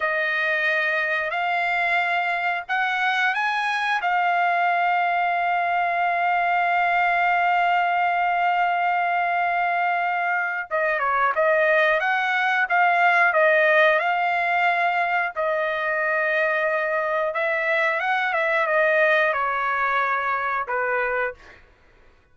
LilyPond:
\new Staff \with { instrumentName = "trumpet" } { \time 4/4 \tempo 4 = 90 dis''2 f''2 | fis''4 gis''4 f''2~ | f''1~ | f''1 |
dis''8 cis''8 dis''4 fis''4 f''4 | dis''4 f''2 dis''4~ | dis''2 e''4 fis''8 e''8 | dis''4 cis''2 b'4 | }